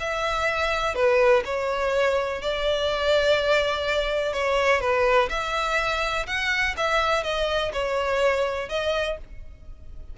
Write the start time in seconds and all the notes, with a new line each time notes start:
0.00 E5
0.95 B4
1.45 C#5
2.42 D5
4.33 C#5
4.81 B4
5.29 E5
6.27 F#5
6.77 E5
7.23 D#5
7.73 C#5
8.69 D#5